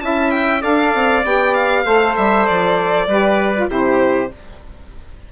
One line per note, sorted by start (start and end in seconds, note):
0.00 0.63 C#4
0.00 0.61 E4
0.00 0.61 E5
0.00 0.30 A5
0.30 0.61 G5
0.61 0.94 D4
0.61 1.22 A4
0.61 1.84 D5
0.61 1.25 F5
0.94 1.24 C4
1.23 1.85 B3
1.23 1.84 G4
1.23 1.54 G5
1.54 2.15 F5
1.84 2.15 A3
1.84 3.07 A4
1.84 3.08 C5
2.16 2.47 G3
2.16 2.46 E5
2.46 3.07 F3
2.46 3.68 D5
3.07 3.68 G3
3.07 3.54 G4
3.07 3.70 B4
3.55 3.69 F4
3.68 4.29 C3
3.68 4.30 E4
3.68 4.31 G4
3.68 4.32 C5